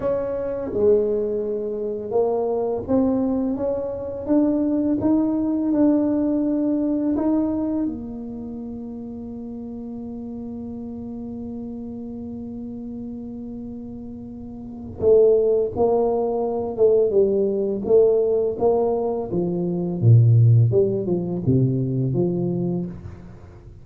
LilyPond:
\new Staff \with { instrumentName = "tuba" } { \time 4/4 \tempo 4 = 84 cis'4 gis2 ais4 | c'4 cis'4 d'4 dis'4 | d'2 dis'4 ais4~ | ais1~ |
ais1~ | ais4 a4 ais4. a8 | g4 a4 ais4 f4 | ais,4 g8 f8 c4 f4 | }